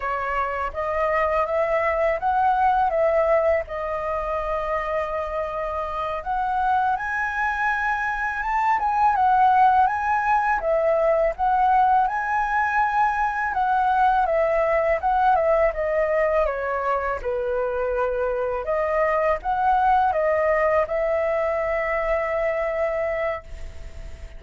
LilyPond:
\new Staff \with { instrumentName = "flute" } { \time 4/4 \tempo 4 = 82 cis''4 dis''4 e''4 fis''4 | e''4 dis''2.~ | dis''8 fis''4 gis''2 a''8 | gis''8 fis''4 gis''4 e''4 fis''8~ |
fis''8 gis''2 fis''4 e''8~ | e''8 fis''8 e''8 dis''4 cis''4 b'8~ | b'4. dis''4 fis''4 dis''8~ | dis''8 e''2.~ e''8 | }